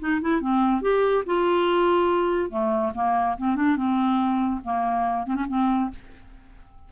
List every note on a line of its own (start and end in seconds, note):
0.00 0.21 D#4
0.22 0.41 E4
0.41 0.82 C4
0.82 1.24 G4
1.26 2.50 F4
2.50 2.93 A3
2.95 3.37 A#3
3.38 3.56 C4
3.56 3.77 D4
3.77 4.61 C4
4.64 5.27 A#3
5.27 5.36 C4
5.36 5.46 C#4
5.48 5.91 C4